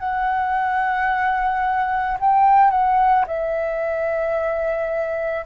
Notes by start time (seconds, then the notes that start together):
0.00 F#5
2.20 G5
2.71 F#5
3.28 E5